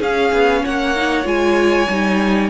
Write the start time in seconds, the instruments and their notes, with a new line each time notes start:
0.00 cello C#4, viola C#4, violin G#4 F5
0.33 cello B3
0.64 cello A#3, violin C#5 F#5
0.96 viola D#4
1.24 cello G#3, viola F4, violin G#5
1.89 cello G3, viola D#4